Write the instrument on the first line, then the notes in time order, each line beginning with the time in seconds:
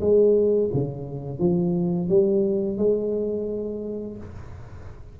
tuba
0.00 G#3
0.73 C#3
1.39 F3
2.09 G3
2.77 G#3